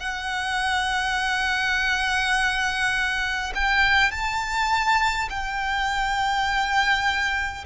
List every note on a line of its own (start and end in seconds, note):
0.00 3.53 F#5
3.55 4.11 G5
4.11 5.29 A5
5.30 7.65 G5